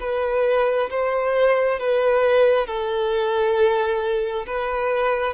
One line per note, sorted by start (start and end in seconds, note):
0.00 0.90 B4
0.90 1.80 C5
1.80 2.67 B4
2.67 4.46 A4
4.47 5.34 B4